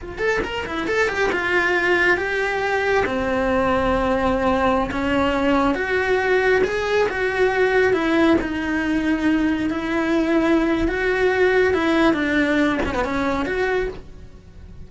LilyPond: \new Staff \with { instrumentName = "cello" } { \time 4/4 \tempo 4 = 138 f'8 a'8 ais'8 e'8 a'8 g'8 f'4~ | f'4 g'2 c'4~ | c'2.~ c'16 cis'8.~ | cis'4~ cis'16 fis'2 gis'8.~ |
gis'16 fis'2 e'4 dis'8.~ | dis'2~ dis'16 e'4.~ e'16~ | e'4 fis'2 e'4 | d'4. cis'16 b16 cis'4 fis'4 | }